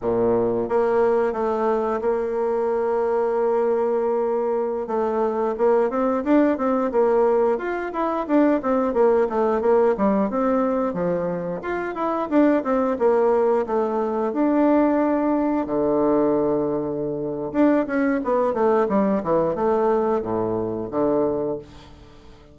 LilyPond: \new Staff \with { instrumentName = "bassoon" } { \time 4/4 \tempo 4 = 89 ais,4 ais4 a4 ais4~ | ais2.~ ais16 a8.~ | a16 ais8 c'8 d'8 c'8 ais4 f'8 e'16~ | e'16 d'8 c'8 ais8 a8 ais8 g8 c'8.~ |
c'16 f4 f'8 e'8 d'8 c'8 ais8.~ | ais16 a4 d'2 d8.~ | d2 d'8 cis'8 b8 a8 | g8 e8 a4 a,4 d4 | }